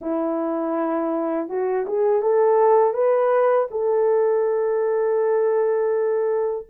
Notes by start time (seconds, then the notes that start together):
0.01 E4
1.48 F#4
1.87 G#4
2.22 A4
2.93 B4
3.70 A4